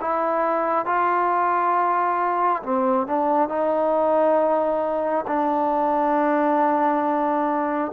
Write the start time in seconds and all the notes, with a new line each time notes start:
0.00 E4
0.85 F4
2.63 C4
3.07 D4
3.49 D#4
5.27 D4